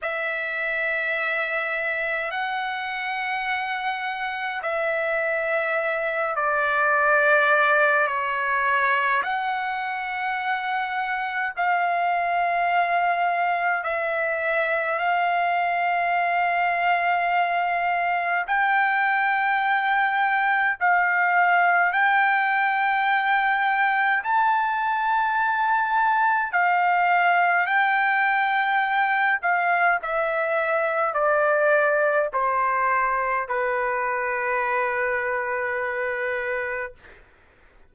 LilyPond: \new Staff \with { instrumentName = "trumpet" } { \time 4/4 \tempo 4 = 52 e''2 fis''2 | e''4. d''4. cis''4 | fis''2 f''2 | e''4 f''2. |
g''2 f''4 g''4~ | g''4 a''2 f''4 | g''4. f''8 e''4 d''4 | c''4 b'2. | }